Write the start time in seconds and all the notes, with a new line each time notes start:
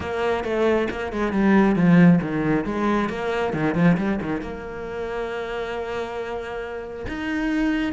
0.00 A#3
0.44 A3
0.90 A#3
1.12 G#3
1.32 G3
1.75 F3
2.21 D#3
2.65 G#3
3.09 A#3
3.53 D#3
3.74 F3
3.97 G3
4.21 D#3
4.41 A#3
7.08 D#4